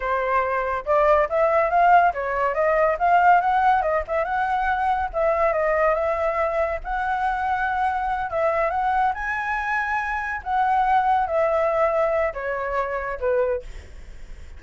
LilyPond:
\new Staff \with { instrumentName = "flute" } { \time 4/4 \tempo 4 = 141 c''2 d''4 e''4 | f''4 cis''4 dis''4 f''4 | fis''4 dis''8 e''8 fis''2 | e''4 dis''4 e''2 |
fis''2.~ fis''8 e''8~ | e''8 fis''4 gis''2~ gis''8~ | gis''8 fis''2 e''4.~ | e''4 cis''2 b'4 | }